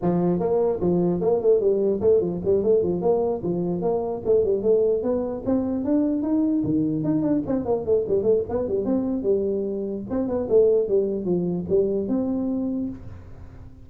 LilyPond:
\new Staff \with { instrumentName = "tuba" } { \time 4/4 \tempo 4 = 149 f4 ais4 f4 ais8 a8 | g4 a8 f8 g8 a8 f8 ais8~ | ais8 f4 ais4 a8 g8 a8~ | a8 b4 c'4 d'4 dis'8~ |
dis'8 dis4 dis'8 d'8 c'8 ais8 a8 | g8 a8 b8 g8 c'4 g4~ | g4 c'8 b8 a4 g4 | f4 g4 c'2 | }